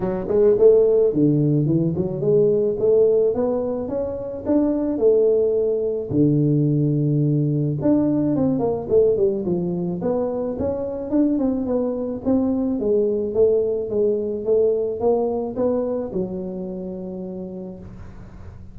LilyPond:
\new Staff \with { instrumentName = "tuba" } { \time 4/4 \tempo 4 = 108 fis8 gis8 a4 d4 e8 fis8 | gis4 a4 b4 cis'4 | d'4 a2 d4~ | d2 d'4 c'8 ais8 |
a8 g8 f4 b4 cis'4 | d'8 c'8 b4 c'4 gis4 | a4 gis4 a4 ais4 | b4 fis2. | }